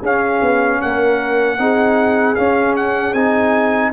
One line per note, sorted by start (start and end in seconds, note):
0.00 0.41 C#4
0.00 1.58 C#4
0.00 0.78 G#4
0.00 0.81 F5
0.41 0.80 B3
0.81 1.58 A#3
0.81 1.60 A#4
0.81 2.35 F#5
1.58 2.36 C4
1.58 2.36 D#4
1.58 3.93 G#4
2.35 3.14 C#4
2.35 3.13 C#4
2.35 2.74 F5
2.76 3.13 F#5
3.13 3.91 C4
3.13 3.93 D#4
3.13 3.91 G#5